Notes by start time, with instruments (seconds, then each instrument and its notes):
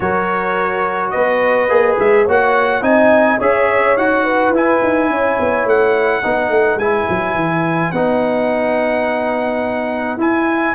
0.00 tuba F#3, trombone F#4, horn A#4, trumpet C#5
1.10 tuba B3, horn B4, trumpet D#5
1.68 tuba A#3, trombone G#4
1.99 tuba G#3, trumpet E5
2.24 tuba A#3, trombone F#4, horn C#5
2.30 trumpet F#5
2.81 tuba C4, trombone D#4, horn D#5, trumpet G#5
3.39 tuba C#4, trombone G#4, horn C#5, trumpet E5
3.96 tuba D#4, trombone F#4, trumpet F#5
4.23 horn B4
4.50 tuba E4, trombone E4, trumpet G#5
4.83 tuba D#4
5.09 tuba C#4, horn C#5
5.39 tuba B3
5.65 tuba A3, trumpet F#5
6.22 tuba B3, trombone D#4, horn B4
6.49 tuba A3
6.76 tuba G#3, trombone E4, trumpet G#5
7.09 tuba F#3
7.34 tuba E3
7.91 tuba B3, trombone D#4, trumpet F#5
10.17 tuba E4, trombone E4, trumpet G#5